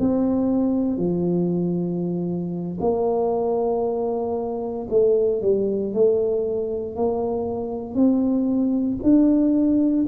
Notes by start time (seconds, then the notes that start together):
0.00 C4
0.97 F3
2.81 A#3
4.90 A3
5.42 G3
5.94 A3
6.95 A#3
7.94 C4
9.03 D4